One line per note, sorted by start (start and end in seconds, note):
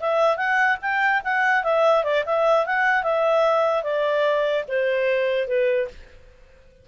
0.00 0.37 E5
0.37 0.77 F#5
0.82 1.22 G5
1.24 1.64 F#5
1.64 2.04 E5
2.04 2.24 D5
2.26 2.66 E5
2.66 3.04 F#5
3.04 3.83 E5
3.83 4.64 D5
4.68 5.48 C5
5.48 5.88 B4